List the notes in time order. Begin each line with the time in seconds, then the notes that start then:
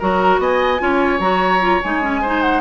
0.00 F#3 F#4 A#4 A#5
0.39 B3 D#5 G#5
0.79 C#4 F4 C#5
1.20 F#3 F#4 A#5
1.61 F4
1.82 G#3 D#4 G#5
2.02 C#4
2.22 D#4 C5
2.42 F#5